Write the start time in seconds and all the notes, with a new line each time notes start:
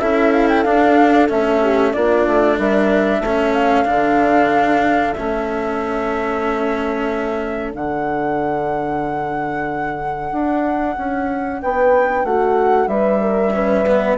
0.00 C#4 E4 A4 E5
0.32 F5
0.49 G5
0.63 D4 F5
1.29 A3 C#4 E5
1.62 G4
1.93 A#3 D4 F4 D5
2.27 A3
2.58 G3 A#4 E5
3.20 A3 C#4 A4
3.54 F5
3.85 D3 D4
5.14 A3 C#4 E5
7.71 D3 D4 F#5
10.32 D4
10.97 C#4
11.62 B3 B4 G5
12.24 A3 F#4 F#5
12.87 G3 B4 E5
13.22 A#4
13.54 C#4 B4
13.87 B3